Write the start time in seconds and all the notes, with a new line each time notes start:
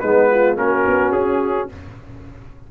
0.00 G#3 B3 D#4 B4
0.30 F4
0.56 A#3 C#4 F#4 A#4
0.88 B3
1.12 C#4 G#4